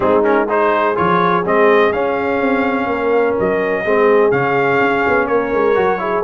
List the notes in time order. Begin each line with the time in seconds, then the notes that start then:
0.00 G#3 C4 D#4 G#4
0.23 C#4 A#4
0.48 D#4 G#4 C5
0.95 F3 F4 C#5
1.44 G#3 C4 D#5
1.92 C#4 F5
2.40 C4
2.87 A#3 A#4
3.39 F#3 D#5
3.83 G#3 C4 G#4
4.31 C#3 C#4 F5
4.80 C#4
5.07 B3
5.27 A#3 A#4 C#5
5.52 G#3
5.75 F#3 F#4
5.98 E4 G#4